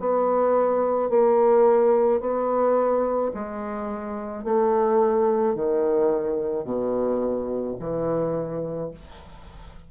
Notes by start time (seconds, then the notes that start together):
0.00 B3
1.10 A#3
2.21 B3
3.34 G#3
4.44 A3
5.55 D#3
6.65 B2
7.80 E3